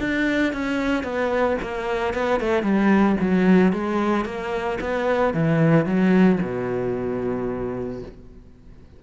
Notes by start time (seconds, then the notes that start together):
0.00 D4
0.53 C#4
1.03 B3
1.62 A#3
2.14 B3
2.41 A3
2.63 G3
3.21 F#3
3.73 G#3
4.25 A#3
4.81 B3
5.34 E3
5.86 F#3
6.41 B2